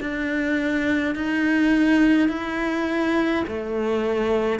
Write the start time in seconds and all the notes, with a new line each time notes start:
0.00 D4
1.15 D#4
2.29 E4
3.47 A3